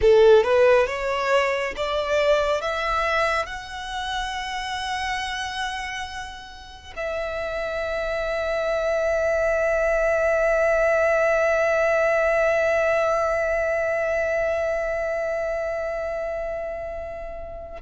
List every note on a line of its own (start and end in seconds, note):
0.01 0.43 A4
0.43 0.87 B4
0.87 1.74 C#5
1.76 2.61 D5
2.61 3.45 E5
3.45 6.93 F#5
6.96 17.81 E5